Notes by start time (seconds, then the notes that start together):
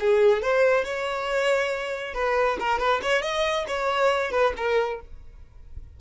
0.00 G#4
0.42 C5
0.84 C#5
2.14 B4
2.60 A#4
2.79 B4
3.02 C#5
3.22 D#5
3.68 C#5
4.31 B4
4.57 A#4